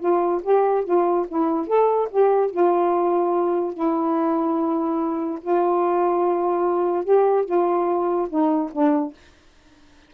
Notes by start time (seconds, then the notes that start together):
0.00 F4
0.43 G4
0.85 F4
1.28 E4
1.67 A4
2.11 G4
2.51 F4
3.74 E4
5.42 F4
7.05 G4
7.45 F4
8.29 D#4
8.72 D4